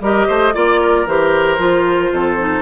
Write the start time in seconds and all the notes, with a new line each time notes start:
0.00 G3 G4 A#4 D#5
0.27 A3 C5
0.53 A#3 F4 D5
0.81 A#4
1.06 E3 G4 C5
1.58 F3 F4
2.12 F2 A4
2.38 D#4